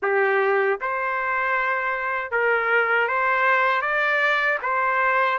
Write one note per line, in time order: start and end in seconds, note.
0.02 0.79 G4
0.80 2.31 C5
2.31 3.08 A#4
3.08 3.81 C5
3.81 4.58 D5
4.62 5.38 C5